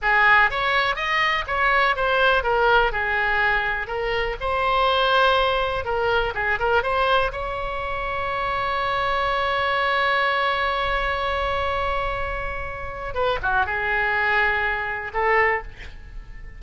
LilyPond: \new Staff \with { instrumentName = "oboe" } { \time 4/4 \tempo 4 = 123 gis'4 cis''4 dis''4 cis''4 | c''4 ais'4 gis'2 | ais'4 c''2. | ais'4 gis'8 ais'8 c''4 cis''4~ |
cis''1~ | cis''1~ | cis''2. b'8 fis'8 | gis'2. a'4 | }